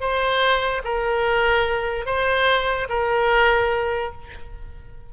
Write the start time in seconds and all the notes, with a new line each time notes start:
0.00 C5
0.84 A#4
2.06 C5
2.89 A#4